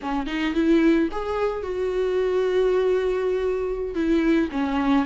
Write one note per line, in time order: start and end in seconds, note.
0.01 0.26 C#4
0.26 0.53 D#4
0.54 1.08 E4
1.11 1.62 G#4
1.62 3.94 F#4
3.94 4.49 E4
4.51 5.05 C#4